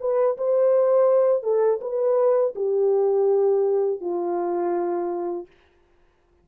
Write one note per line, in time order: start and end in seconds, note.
0.00 0.37 B4
0.37 1.43 C5
1.43 1.79 A4
1.81 2.54 B4
2.55 4.00 G4
4.00 5.46 F4